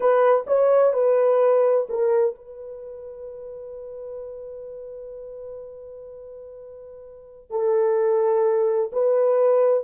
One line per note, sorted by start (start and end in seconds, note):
0.00 0.45 B4
0.46 0.93 C#5
0.93 1.87 B4
1.89 2.35 A#4
2.35 7.50 B4
7.50 8.91 A4
8.92 9.84 B4